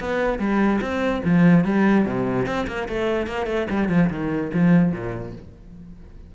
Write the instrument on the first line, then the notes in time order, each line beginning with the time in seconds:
cello
0.00 B3
0.39 G3
0.81 C4
1.24 F3
1.64 G3
2.06 C3
2.46 C4
2.68 A#3
2.88 A3
3.27 A#3
3.47 A3
3.70 G3
3.89 F3
4.10 D#3
4.54 F3
4.92 A#2